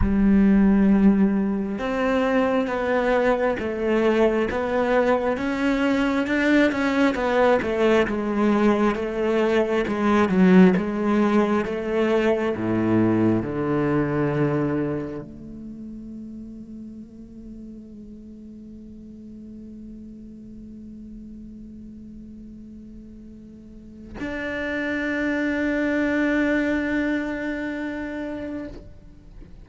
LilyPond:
\new Staff \with { instrumentName = "cello" } { \time 4/4 \tempo 4 = 67 g2 c'4 b4 | a4 b4 cis'4 d'8 cis'8 | b8 a8 gis4 a4 gis8 fis8 | gis4 a4 a,4 d4~ |
d4 a2.~ | a1~ | a2. d'4~ | d'1 | }